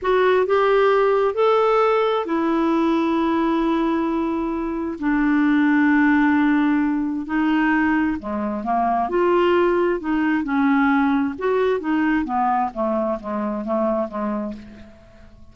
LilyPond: \new Staff \with { instrumentName = "clarinet" } { \time 4/4 \tempo 4 = 132 fis'4 g'2 a'4~ | a'4 e'2.~ | e'2. d'4~ | d'1 |
dis'2 gis4 ais4 | f'2 dis'4 cis'4~ | cis'4 fis'4 dis'4 b4 | a4 gis4 a4 gis4 | }